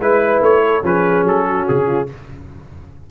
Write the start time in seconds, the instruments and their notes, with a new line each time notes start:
0.00 tuba G#3, trombone E4, trumpet B4, horn B4
0.42 tuba A3, trumpet C#5
0.66 horn A4
0.83 tuba F3, trombone C#4, horn G#4, trumpet B4
1.24 tuba F#3, trumpet A4
1.46 horn F#4
1.68 tuba C#3, trumpet G#4
1.87 horn F4